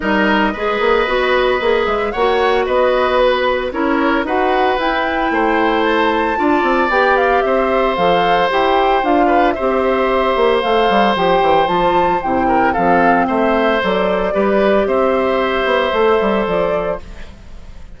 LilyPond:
<<
  \new Staff \with { instrumentName = "flute" } { \time 4/4 \tempo 4 = 113 dis''2.~ dis''8 e''8 | fis''4 dis''4 b'4 cis''4 | fis''4 g''2 a''4~ | a''4 g''8 f''8 e''4 f''4 |
g''4 f''4 e''2 | f''4 g''4 a''4 g''4 | f''4 e''4 d''2 | e''2. d''4 | }
  \new Staff \with { instrumentName = "oboe" } { \time 4/4 ais'4 b'2. | cis''4 b'2 ais'4 | b'2 c''2 | d''2 c''2~ |
c''4. b'8 c''2~ | c''2.~ c''8 ais'8 | a'4 c''2 b'4 | c''1 | }
  \new Staff \with { instrumentName = "clarinet" } { \time 4/4 dis'4 gis'4 fis'4 gis'4 | fis'2. e'4 | fis'4 e'2. | f'4 g'2 a'4 |
g'4 f'4 g'2 | a'4 g'4 f'4 e'4 | c'2 a'4 g'4~ | g'2 a'2 | }
  \new Staff \with { instrumentName = "bassoon" } { \time 4/4 g4 gis8 ais8 b4 ais8 gis8 | ais4 b2 cis'4 | dis'4 e'4 a2 | d'8 c'8 b4 c'4 f4 |
e'4 d'4 c'4. ais8 | a8 g8 f8 e8 f4 c4 | f4 a4 fis4 g4 | c'4. b8 a8 g8 f4 | }
>>